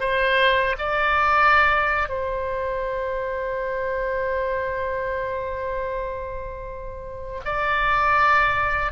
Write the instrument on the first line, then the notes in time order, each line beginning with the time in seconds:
oboe
0.00 C5
0.79 D5
2.09 C5
7.45 D5